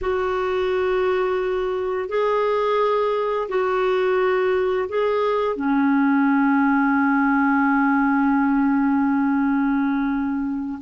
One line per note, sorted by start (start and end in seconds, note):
0.01 2.08 F#4
2.08 3.48 G#4
3.49 4.88 F#4
4.88 5.56 G#4
5.56 10.79 C#4